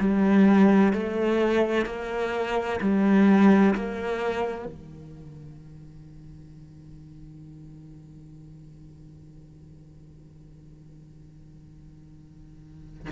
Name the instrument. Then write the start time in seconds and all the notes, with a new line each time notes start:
cello
0.00 G3
0.93 A3
1.86 A#3
2.81 G3
3.75 A#3
4.66 D#3